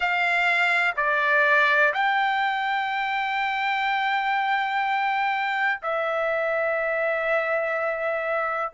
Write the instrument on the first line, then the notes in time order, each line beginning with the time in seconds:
trumpet
0.00 F5
0.96 D5
1.94 G5
5.82 E5